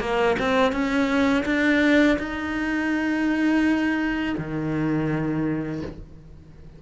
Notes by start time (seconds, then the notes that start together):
0.00 A#3
0.39 C4
0.72 C#4
1.45 D4
2.19 D#4
4.38 D#3